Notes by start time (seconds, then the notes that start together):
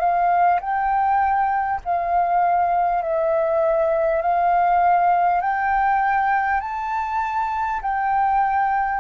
0.00 F5
0.61 G5
1.85 F5
3.03 E5
4.22 F5
5.42 G5
6.61 A5
7.82 G5